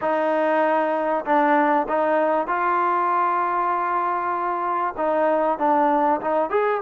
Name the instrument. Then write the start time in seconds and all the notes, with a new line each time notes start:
trombone
0.01 D#4
1.25 D4
1.88 D#4
2.47 F4
4.97 D#4
5.58 D4
6.20 D#4
6.50 G#4